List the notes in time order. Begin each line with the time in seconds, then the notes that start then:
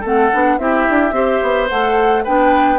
0.00 A3 C4 A4 F#5
0.33 B3 D4
0.58 C4 E4 G4 E5
0.89 D4
1.12 C4 G4 C5
1.42 B3
1.68 A3 A4 F#5
2.24 B3 D4 B4 G5